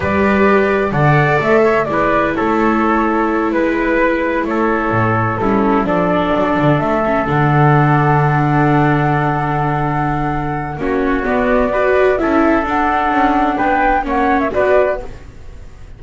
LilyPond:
<<
  \new Staff \with { instrumentName = "flute" } { \time 4/4 \tempo 4 = 128 d''2 fis''4 e''4 | d''4 cis''2~ cis''8 b'8~ | b'4. cis''2 a'8~ | a'8 d''2 e''4 fis''8~ |
fis''1~ | fis''2. cis''4 | d''2 e''4 fis''4~ | fis''4 g''4 fis''8. e''16 d''4 | }
  \new Staff \with { instrumentName = "trumpet" } { \time 4/4 b'2 d''4. cis''8 | b'4 a'2~ a'8 b'8~ | b'4. a'2 e'8~ | e'8 a'2.~ a'8~ |
a'1~ | a'2. fis'4~ | fis'4 b'4 a'2~ | a'4 b'4 cis''4 b'4 | }
  \new Staff \with { instrumentName = "viola" } { \time 4/4 g'2 a'2 | e'1~ | e'2.~ e'8 cis'8~ | cis'8 d'2~ d'8 cis'8 d'8~ |
d'1~ | d'2. cis'4 | b4 fis'4 e'4 d'4~ | d'2 cis'4 fis'4 | }
  \new Staff \with { instrumentName = "double bass" } { \time 4/4 g2 d4 a4 | gis4 a2~ a8 gis8~ | gis4. a4 a,4 g8~ | g8 f4 fis8 d8 a4 d8~ |
d1~ | d2. ais4 | b2 cis'4 d'4 | cis'4 b4 ais4 b4 | }
>>